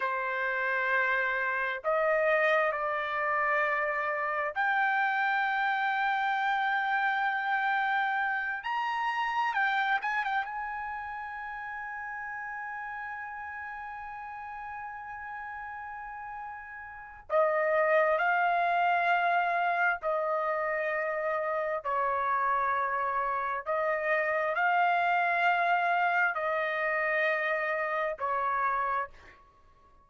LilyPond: \new Staff \with { instrumentName = "trumpet" } { \time 4/4 \tempo 4 = 66 c''2 dis''4 d''4~ | d''4 g''2.~ | g''4. ais''4 g''8 gis''16 g''16 gis''8~ | gis''1~ |
gis''2. dis''4 | f''2 dis''2 | cis''2 dis''4 f''4~ | f''4 dis''2 cis''4 | }